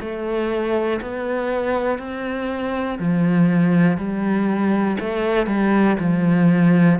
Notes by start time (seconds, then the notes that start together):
0.00 A3
1.01 B3
1.99 C4
2.99 F3
3.97 G3
4.99 A3
5.46 G3
5.99 F3